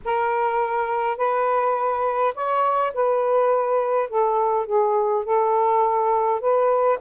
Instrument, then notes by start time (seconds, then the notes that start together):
saxophone
0.04 A#4
1.17 B4
2.34 C#5
2.94 B4
4.09 A4
4.66 G#4
5.24 A4
6.40 B4